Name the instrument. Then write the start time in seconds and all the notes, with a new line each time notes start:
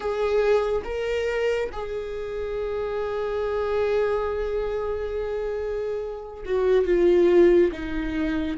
viola
0.00 G#4
0.84 A#4
1.72 G#4
6.45 F#4
6.85 F4
7.71 D#4